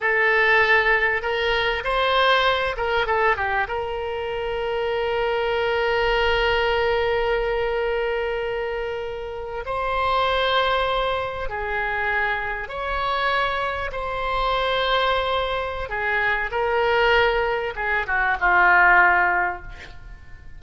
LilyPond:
\new Staff \with { instrumentName = "oboe" } { \time 4/4 \tempo 4 = 98 a'2 ais'4 c''4~ | c''8 ais'8 a'8 g'8 ais'2~ | ais'1~ | ais'2.~ ais'8. c''16~ |
c''2~ c''8. gis'4~ gis'16~ | gis'8. cis''2 c''4~ c''16~ | c''2 gis'4 ais'4~ | ais'4 gis'8 fis'8 f'2 | }